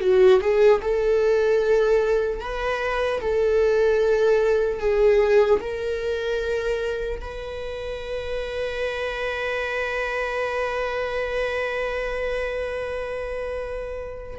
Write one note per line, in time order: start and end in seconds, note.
0.00 0.40 F#4
0.41 0.81 G#4
0.81 2.40 A4
2.40 3.20 B4
3.21 4.79 A4
4.79 5.59 G#4
5.60 7.20 A#4
7.21 14.39 B4